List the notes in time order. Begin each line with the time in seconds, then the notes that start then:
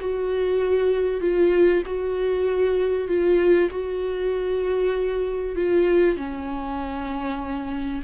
0.00 F#4
1.21 F4
1.86 F#4
3.08 F4
3.70 F#4
5.55 F4
6.17 C#4